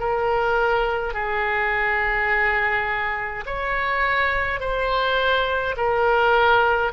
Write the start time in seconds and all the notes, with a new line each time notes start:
0.00 A#4
1.14 G#4
3.46 C#5
4.60 C5
5.77 A#4